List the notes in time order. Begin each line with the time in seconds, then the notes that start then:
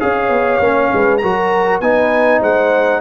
0.00 C#4 G#4 C#5 F5
0.29 B3
0.60 A#3 C#4
0.93 G#3 B4
1.18 F#3 F#4 A#4 A#5
1.81 B3 D#4 B4 G#5
2.41 G#3 C5 F#5